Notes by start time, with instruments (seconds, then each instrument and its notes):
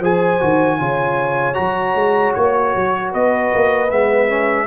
0.00 tuba F3, trombone G#4, horn C5, trumpet G#5
0.41 tuba D#3, trombone F#4
0.79 tuba C#3, trombone F4, horn C#5
1.54 tuba F#3, trombone F#4, trumpet A#5
1.95 tuba G#3
2.34 tuba A#3, trumpet C#5
2.76 tuba F#3
3.11 tuba B3, horn B4, trumpet D#5
3.54 tuba A#3
3.91 tuba G#3, trombone B3, trumpet E5
4.29 trombone C#4